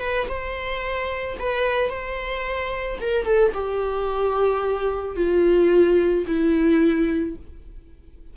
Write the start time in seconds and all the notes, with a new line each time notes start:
0.00 B4
0.29 C5
1.39 B4
1.90 C5
3.01 A#4
3.25 A4
3.54 G4
5.16 F4
6.27 E4